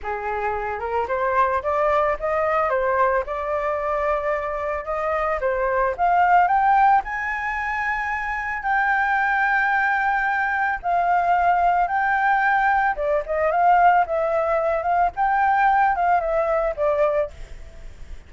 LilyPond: \new Staff \with { instrumentName = "flute" } { \time 4/4 \tempo 4 = 111 gis'4. ais'8 c''4 d''4 | dis''4 c''4 d''2~ | d''4 dis''4 c''4 f''4 | g''4 gis''2. |
g''1 | f''2 g''2 | d''8 dis''8 f''4 e''4. f''8 | g''4. f''8 e''4 d''4 | }